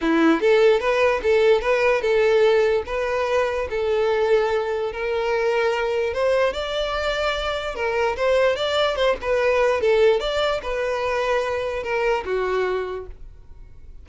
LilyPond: \new Staff \with { instrumentName = "violin" } { \time 4/4 \tempo 4 = 147 e'4 a'4 b'4 a'4 | b'4 a'2 b'4~ | b'4 a'2. | ais'2. c''4 |
d''2. ais'4 | c''4 d''4 c''8 b'4. | a'4 d''4 b'2~ | b'4 ais'4 fis'2 | }